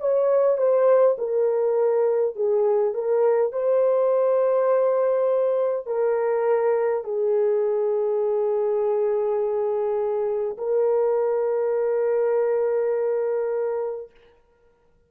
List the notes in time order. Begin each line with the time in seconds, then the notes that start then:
0.00 C#5
0.58 C5
1.18 A#4
2.36 G#4
2.94 A#4
3.52 C5
5.87 A#4
7.04 G#4
10.58 A#4